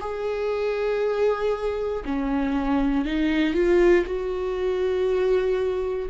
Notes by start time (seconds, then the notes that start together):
0.00 G#4
2.05 C#4
3.05 D#4
3.54 F4
4.05 F#4